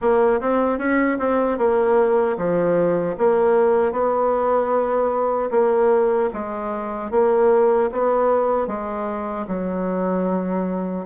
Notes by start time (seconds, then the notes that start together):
0.01 A#3
0.40 C4
0.78 C#4
1.18 C4
1.58 A#3
2.37 F3
3.18 A#3
3.92 B3
5.50 A#3
6.33 G#3
7.11 A#3
7.92 B3
8.67 G#3
9.47 F#3